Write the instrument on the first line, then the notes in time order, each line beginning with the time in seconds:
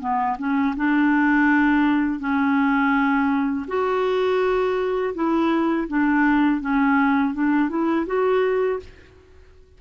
clarinet
0.00 B3
0.38 C#4
0.76 D4
2.20 C#4
3.68 F#4
5.14 E4
5.88 D4
6.61 C#4
7.34 D4
7.69 E4
8.06 F#4